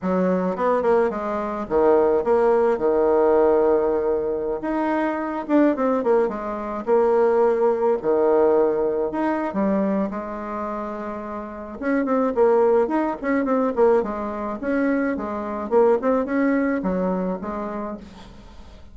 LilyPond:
\new Staff \with { instrumentName = "bassoon" } { \time 4/4 \tempo 4 = 107 fis4 b8 ais8 gis4 dis4 | ais4 dis2.~ | dis16 dis'4. d'8 c'8 ais8 gis8.~ | gis16 ais2 dis4.~ dis16~ |
dis16 dis'8. g4 gis2~ | gis4 cis'8 c'8 ais4 dis'8 cis'8 | c'8 ais8 gis4 cis'4 gis4 | ais8 c'8 cis'4 fis4 gis4 | }